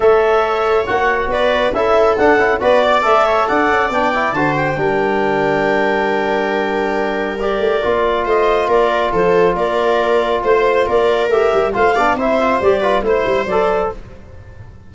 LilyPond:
<<
  \new Staff \with { instrumentName = "clarinet" } { \time 4/4 \tempo 4 = 138 e''2 fis''4 d''4 | e''4 fis''4 d''4 e''4 | fis''4 g''4 a''8 g''4.~ | g''1~ |
g''4 d''2 dis''4 | d''4 c''4 d''2 | c''4 d''4 e''4 f''4 | e''4 d''4 c''4 d''4 | }
  \new Staff \with { instrumentName = "viola" } { \time 4/4 cis''2. b'4 | a'2 b'8 d''4 cis''8 | d''2 c''4 ais'4~ | ais'1~ |
ais'2. c''4 | ais'4 a'4 ais'2 | c''4 ais'2 c''8 d''8 | c''4. b'8 c''2 | }
  \new Staff \with { instrumentName = "trombone" } { \time 4/4 a'2 fis'2 | e'4 d'8 e'8 fis'4 a'4~ | a'4 d'8 e'8 fis'4 d'4~ | d'1~ |
d'4 g'4 f'2~ | f'1~ | f'2 g'4 f'8 d'8 | e'8 f'8 g'8 f'8 e'4 a'4 | }
  \new Staff \with { instrumentName = "tuba" } { \time 4/4 a2 ais4 b4 | cis'4 d'8 cis'8 b4 a4 | d'8 cis'8 b4 d4 g4~ | g1~ |
g4. a8 ais4 a4 | ais4 f4 ais2 | a4 ais4 a8 g8 a8 b8 | c'4 g4 a8 g8 fis4 | }
>>